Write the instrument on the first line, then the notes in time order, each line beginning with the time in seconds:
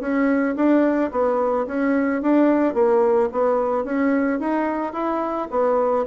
bassoon
0.00 C#4
0.56 D4
1.11 B3
1.67 C#4
2.22 D4
2.74 A#3
3.32 B3
3.84 C#4
4.39 D#4
4.93 E4
5.50 B3